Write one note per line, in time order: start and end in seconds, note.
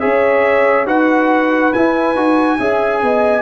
0.00 0.87 C#4
0.00 0.86 G#4
0.00 0.87 C#5
0.00 0.86 E5
0.86 1.72 D#4
0.86 1.72 F#4
0.86 2.58 B4
0.86 1.73 F#5
1.73 2.16 E4
1.73 3.42 G#5
2.16 2.58 D#4
2.16 2.59 F#4
2.58 3.02 C#4
2.58 3.42 G#4
2.58 3.01 E5
3.02 3.42 B3
3.02 3.42 D#5